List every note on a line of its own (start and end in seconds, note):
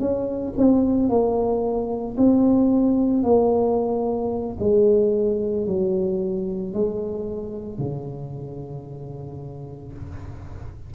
0.00 0.54 C#4
0.58 1.10 C4
1.10 2.17 A#3
2.18 3.24 C4
3.24 4.58 A#3
4.60 5.67 G#3
5.67 6.75 F#3
6.75 7.79 G#3
7.79 9.94 C#3